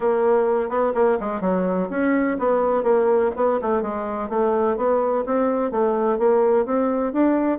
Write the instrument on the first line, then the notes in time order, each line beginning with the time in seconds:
bassoon
0.00 A#3
0.69 B3
0.94 A#3
1.19 G#3
1.40 F#3
1.90 C#4
2.39 B3
2.83 A#3
3.35 B3
3.61 A3
3.82 G#3
4.29 A3
4.76 B3
5.26 C4
5.71 A3
6.18 A#3
6.65 C4
7.12 D4